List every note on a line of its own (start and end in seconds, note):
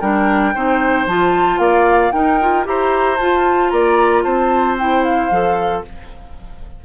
0.00 0.54 G3
0.00 0.54 D4
0.00 0.53 A#4
0.00 1.06 G5
0.54 1.06 C4
0.54 1.08 D#4
0.54 1.60 C5
1.06 1.58 F3
1.06 2.12 F4
1.06 1.58 A5
1.58 2.11 A#3
1.58 2.13 D5
1.58 2.11 F5
2.11 2.38 D#4
2.11 2.66 D#4
2.11 2.66 A#4
2.11 2.64 G5
2.40 2.64 F4
2.64 3.19 E4
2.64 3.17 G4
2.64 3.72 C5
2.64 3.17 A#5
3.17 3.71 F4
3.17 4.79 F4
3.17 3.69 A5
3.69 4.24 A#3
3.69 4.23 D5
3.69 4.22 A#5
4.23 5.30 C4
4.23 5.83 C5
4.23 4.76 A5
4.78 5.31 E4
4.78 5.03 G5
5.03 5.83 F5
5.30 5.83 F3
5.30 5.84 A4